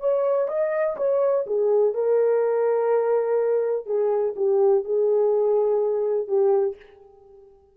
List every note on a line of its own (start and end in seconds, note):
0.00 0.48 C#5
0.48 0.96 D#5
0.97 1.45 C#5
1.46 1.94 G#4
1.94 3.86 A#4
3.86 4.34 G#4
4.36 4.84 G4
4.84 6.28 G#4
6.28 6.76 G4